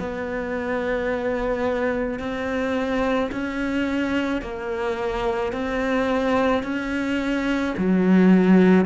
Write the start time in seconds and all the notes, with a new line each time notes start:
0.00 B3
2.20 C4
3.32 C#4
4.42 A#3
5.53 C4
6.64 C#4
7.78 F#3